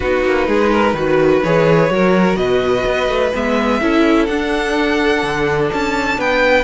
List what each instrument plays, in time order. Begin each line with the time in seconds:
0.00 cello B3, viola D#4, violin F#4 B4
0.24 cello A#3
0.47 cello G#3, violin G#4
0.71 violin A#4
0.93 cello D#3, viola F#4, violin B4
1.43 cello E3, viola G#4, violin C#5
1.89 cello F#3, viola F#4, violin A#4
2.36 cello B2, violin B4 D#5
2.85 cello B3
3.08 cello A3
3.33 cello G#3, viola B3, violin E5
3.81 cello C#4, viola E4, violin A4
4.26 cello D4, viola D4, violin F#5
5.22 cello D3
5.72 cello C#4, violin A5
6.17 cello B3, violin B4 G5